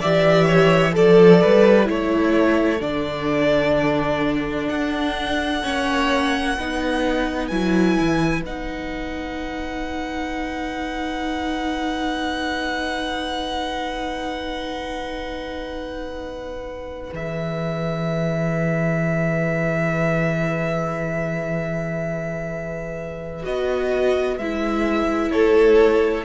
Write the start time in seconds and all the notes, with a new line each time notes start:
0.00 E3 G4 D5 E5
0.46 C#5
0.92 F3 A4 D5
1.41 G3 B4
1.84 A3 E4 A4 C#5
2.80 D3 D4 D5
4.67 D4 F#5
5.63 A#3 C#4 C#5
6.57 B3 D#4 B4
7.48 F#3 E4 G#5
8.01 E3
8.42 B3 D#4 F#5
17.12 E3 G#4 E5
23.43 B3 F#4 D#5
24.38 G#3 E4 E5
25.31 A3 A4 C#5